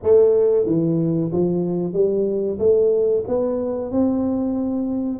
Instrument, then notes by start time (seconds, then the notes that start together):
tuba
0.02 A3
0.66 E3
1.32 F3
1.93 G3
2.58 A3
3.27 B3
3.91 C4